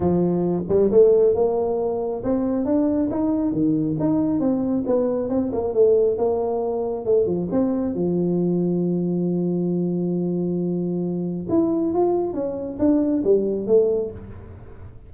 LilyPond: \new Staff \with { instrumentName = "tuba" } { \time 4/4 \tempo 4 = 136 f4. g8 a4 ais4~ | ais4 c'4 d'4 dis'4 | dis4 dis'4 c'4 b4 | c'8 ais8 a4 ais2 |
a8 f8 c'4 f2~ | f1~ | f2 e'4 f'4 | cis'4 d'4 g4 a4 | }